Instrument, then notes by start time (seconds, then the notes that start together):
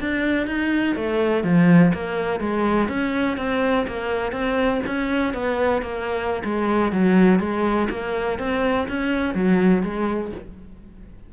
cello
0.00 D4
0.47 D#4
0.96 A3
1.44 F3
1.94 A#3
2.40 G#3
2.89 C#4
3.37 C4
3.87 A#3
4.32 C4
4.86 C#4
5.34 B3
5.82 A#3
6.44 G#3
6.92 F#3
7.40 G#3
7.90 A#3
8.39 C4
8.88 C#4
9.35 F#3
9.83 G#3